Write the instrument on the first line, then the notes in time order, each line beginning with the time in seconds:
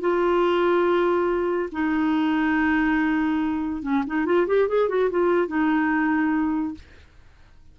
clarinet
0.00 F4
1.72 D#4
3.82 C#4
4.07 D#4
4.25 F4
4.47 G4
4.68 G#4
4.88 F#4
5.10 F4
5.47 D#4